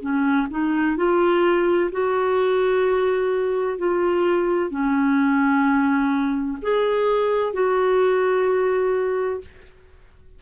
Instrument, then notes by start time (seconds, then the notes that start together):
clarinet
0.00 C#4
0.50 D#4
0.96 F4
1.91 F#4
3.78 F4
4.70 C#4
6.61 G#4
7.53 F#4